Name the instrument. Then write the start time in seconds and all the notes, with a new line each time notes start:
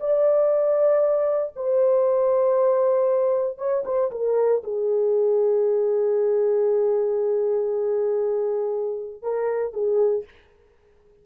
horn
0.00 D5
1.56 C5
3.58 C#5
3.86 C5
4.11 A#4
4.64 G#4
9.22 A#4
9.73 G#4